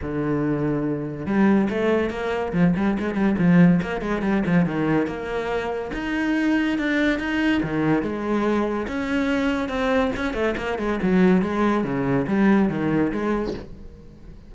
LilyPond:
\new Staff \with { instrumentName = "cello" } { \time 4/4 \tempo 4 = 142 d2. g4 | a4 ais4 f8 g8 gis8 g8 | f4 ais8 gis8 g8 f8 dis4 | ais2 dis'2 |
d'4 dis'4 dis4 gis4~ | gis4 cis'2 c'4 | cis'8 a8 ais8 gis8 fis4 gis4 | cis4 g4 dis4 gis4 | }